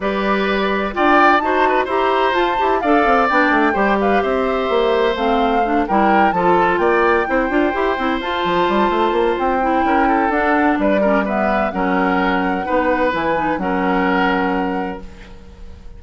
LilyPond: <<
  \new Staff \with { instrumentName = "flute" } { \time 4/4 \tempo 4 = 128 d''2 g''4 a''4 | ais''4 a''4 f''4 g''4~ | g''8 f''8 e''2 f''4~ | f''8 g''4 a''4 g''4.~ |
g''4. a''2~ a''8 | g''2 fis''4 d''4 | e''4 fis''2. | gis''4 fis''2. | }
  \new Staff \with { instrumentName = "oboe" } { \time 4/4 b'2 d''4 c''8 b'8 | c''2 d''2 | c''8 b'8 c''2.~ | c''8 ais'4 a'4 d''4 c''8~ |
c''1~ | c''4 ais'8 a'4. b'8 ais'8 | b'4 ais'2 b'4~ | b'4 ais'2. | }
  \new Staff \with { instrumentName = "clarinet" } { \time 4/4 g'2 f'4 fis'4 | g'4 f'8 g'8 a'4 d'4 | g'2. c'4 | d'8 e'4 f'2 e'8 |
f'8 g'8 e'8 f'2~ f'8~ | f'8 e'4. d'4. cis'8 | b4 cis'2 dis'4 | e'8 dis'8 cis'2. | }
  \new Staff \with { instrumentName = "bassoon" } { \time 4/4 g2 d'4 dis'4 | e'4 f'8 e'8 d'8 c'8 b8 a8 | g4 c'4 ais4 a4~ | a8 g4 f4 ais4 c'8 |
d'8 e'8 c'8 f'8 f8 g8 a8 ais8 | c'4 cis'4 d'4 g4~ | g4 fis2 b4 | e4 fis2. | }
>>